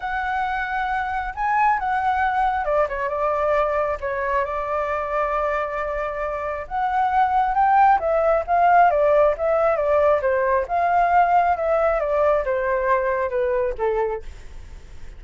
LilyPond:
\new Staff \with { instrumentName = "flute" } { \time 4/4 \tempo 4 = 135 fis''2. gis''4 | fis''2 d''8 cis''8 d''4~ | d''4 cis''4 d''2~ | d''2. fis''4~ |
fis''4 g''4 e''4 f''4 | d''4 e''4 d''4 c''4 | f''2 e''4 d''4 | c''2 b'4 a'4 | }